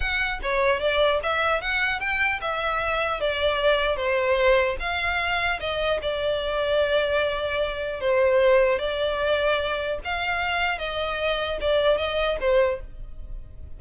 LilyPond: \new Staff \with { instrumentName = "violin" } { \time 4/4 \tempo 4 = 150 fis''4 cis''4 d''4 e''4 | fis''4 g''4 e''2 | d''2 c''2 | f''2 dis''4 d''4~ |
d''1 | c''2 d''2~ | d''4 f''2 dis''4~ | dis''4 d''4 dis''4 c''4 | }